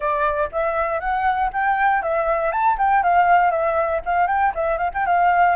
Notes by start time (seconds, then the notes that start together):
0.00 D5
0.52 E5
1.00 F#5
1.52 G5
2.02 E5
2.52 A5
2.78 G5
3.03 F5
3.50 E5
4.05 F5
4.27 G5
4.54 E5
4.77 F5
4.94 G5
5.06 F5